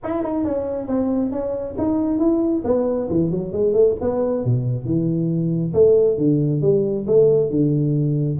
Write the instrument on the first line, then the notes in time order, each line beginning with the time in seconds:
tuba
0.03 E4
0.23 D#4
0.44 C#4
0.87 C4
1.31 C#4
1.78 D#4
2.19 E4
2.64 B3
3.09 E3
3.30 F#3
3.52 G#3
3.73 A3
4.00 B3
4.44 B2
4.85 E3
5.73 A3
6.17 D3
6.61 G3
7.06 A3
7.50 D3